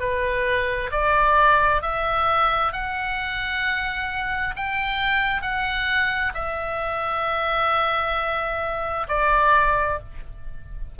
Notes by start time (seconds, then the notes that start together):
0.00 B4
0.92 D5
1.82 E5
2.73 F#5
4.57 G5
5.42 F#5
6.35 E5
9.08 D5